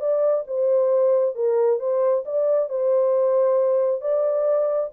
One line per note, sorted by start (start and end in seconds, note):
0.00 0.44 D5
0.47 1.35 C5
1.35 1.79 A#4
1.79 2.24 C5
2.25 2.69 D5
2.69 4.01 C5
4.01 4.90 D5